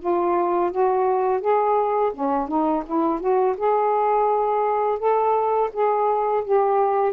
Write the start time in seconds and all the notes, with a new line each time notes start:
0.00 F4
0.71 F#4
1.41 G#4
2.14 C#4
2.48 D#4
2.86 E4
3.20 F#4
3.57 G#4
4.99 A4
5.73 G#4
6.45 G4